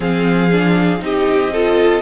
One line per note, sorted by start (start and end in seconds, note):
0.00 1.01 F3
0.00 0.49 C4
0.00 1.02 G#4
0.00 1.02 F5
0.51 0.99 D4
0.99 2.01 C4
0.99 1.50 D#4
0.99 1.53 G4
0.99 2.01 D#5
1.53 2.01 F4
1.53 2.01 A4